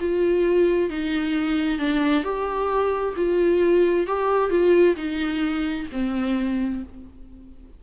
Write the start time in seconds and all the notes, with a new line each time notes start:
0.00 F4
0.90 D#4
1.79 D4
2.24 G4
3.17 F4
4.07 G4
4.50 F4
4.96 D#4
5.92 C4